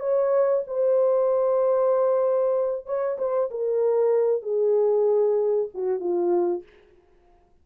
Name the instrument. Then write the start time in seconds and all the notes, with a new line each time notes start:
horn
0.00 C#5
0.67 C5
2.86 C#5
3.18 C5
3.51 A#4
4.42 G#4
5.74 F#4
6.00 F4